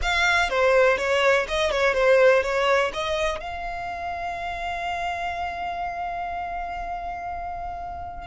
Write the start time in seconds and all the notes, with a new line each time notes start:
0.01 F5
0.49 C5
0.97 C#5
1.48 D#5
1.71 C#5
1.94 C5
2.43 C#5
2.93 D#5
3.40 F5